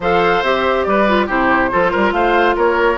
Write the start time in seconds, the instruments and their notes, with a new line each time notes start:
0.00 bassoon F3, clarinet A4, oboe C5, flute F5
0.42 bassoon C4, clarinet G4, flute E5
0.83 bassoon G3, oboe B4, flute D5
1.07 clarinet F4
1.26 bassoon C3, clarinet E4, oboe G4, flute C5
1.71 bassoon F3, clarinet F4, oboe A4
1.91 bassoon G3, oboe A#4
2.12 bassoon A3, oboe C5, flute F5
2.55 bassoon A#3, oboe A#4, flute C#5